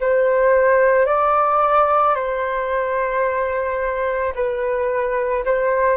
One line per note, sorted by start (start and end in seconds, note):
0.00 1.06 C5
1.06 2.15 D5
2.15 4.33 C5
4.35 5.44 B4
5.44 5.97 C5